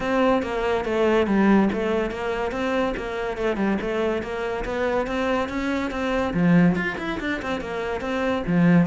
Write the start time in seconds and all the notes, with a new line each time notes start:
0.00 C4
0.42 A#3
0.85 A3
1.26 G3
1.72 A3
2.10 A#3
2.51 C4
2.96 A#3
3.37 A3
3.56 G3
3.81 A3
4.22 A#3
4.64 B3
5.06 C4
5.48 C#4
5.90 C4
6.33 F3
6.75 F4
6.98 E4
7.20 D4
7.42 C4
7.60 A#3
8.01 C4
8.46 F3